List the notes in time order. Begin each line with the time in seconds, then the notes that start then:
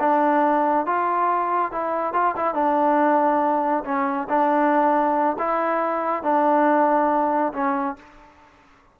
0.00 D4
0.87 F4
1.72 E4
2.13 F4
2.36 E4
2.54 D4
3.85 C#4
4.29 D4
5.39 E4
6.23 D4
7.53 C#4